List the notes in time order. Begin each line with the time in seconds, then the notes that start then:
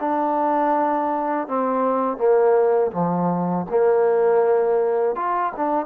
0.00 D4
1.47 C4
2.17 A#3
2.91 F3
3.70 A#3
5.15 F4
5.56 D4